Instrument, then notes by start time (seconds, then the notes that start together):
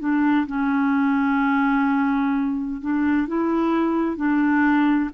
clarinet
0.00 D4
0.47 C#4
2.81 D4
3.28 E4
4.17 D4